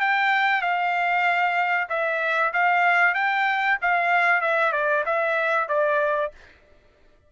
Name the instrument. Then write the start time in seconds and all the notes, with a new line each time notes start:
trumpet
0.00 G5
0.61 F5
1.89 E5
2.53 F5
3.14 G5
3.81 F5
4.41 E5
4.72 D5
5.05 E5
5.68 D5